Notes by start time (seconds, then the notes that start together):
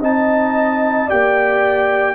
0.00 C4 D#4 D#5 A5
1.07 A#3 G4 D5 G5